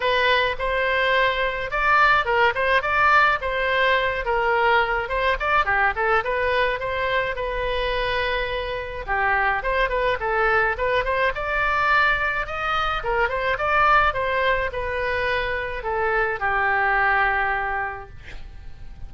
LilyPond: \new Staff \with { instrumentName = "oboe" } { \time 4/4 \tempo 4 = 106 b'4 c''2 d''4 | ais'8 c''8 d''4 c''4. ais'8~ | ais'4 c''8 d''8 g'8 a'8 b'4 | c''4 b'2. |
g'4 c''8 b'8 a'4 b'8 c''8 | d''2 dis''4 ais'8 c''8 | d''4 c''4 b'2 | a'4 g'2. | }